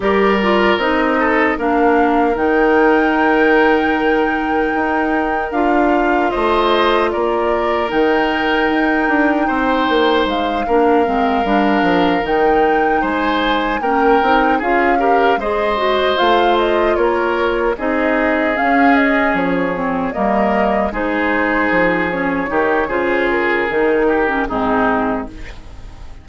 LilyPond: <<
  \new Staff \with { instrumentName = "flute" } { \time 4/4 \tempo 4 = 76 d''4 dis''4 f''4 g''4~ | g''2. f''4 | dis''4 d''4 g''2~ | g''4 f''2~ f''8 g''8~ |
g''8 gis''4 g''4 f''4 dis''8~ | dis''8 f''8 dis''8 cis''4 dis''4 f''8 | dis''8 cis''4 dis''4 c''4. | cis''4 c''8 ais'4. gis'4 | }
  \new Staff \with { instrumentName = "oboe" } { \time 4/4 ais'4. a'8 ais'2~ | ais'1 | c''4 ais'2. | c''4. ais'2~ ais'8~ |
ais'8 c''4 ais'4 gis'8 ais'8 c''8~ | c''4. ais'4 gis'4.~ | gis'4. ais'4 gis'4.~ | gis'8 g'8 gis'4. g'8 dis'4 | }
  \new Staff \with { instrumentName = "clarinet" } { \time 4/4 g'8 f'8 dis'4 d'4 dis'4~ | dis'2. f'4~ | f'2 dis'2~ | dis'4. d'8 c'8 d'4 dis'8~ |
dis'4. cis'8 dis'8 f'8 g'8 gis'8 | fis'8 f'2 dis'4 cis'8~ | cis'4 c'8 ais4 dis'4. | cis'8 dis'8 f'4 dis'8. cis'16 c'4 | }
  \new Staff \with { instrumentName = "bassoon" } { \time 4/4 g4 c'4 ais4 dis4~ | dis2 dis'4 d'4 | a4 ais4 dis4 dis'8 d'8 | c'8 ais8 gis8 ais8 gis8 g8 f8 dis8~ |
dis8 gis4 ais8 c'8 cis'4 gis8~ | gis8 a4 ais4 c'4 cis'8~ | cis'8 f4 g4 gis4 f8~ | f8 dis8 cis4 dis4 gis,4 | }
>>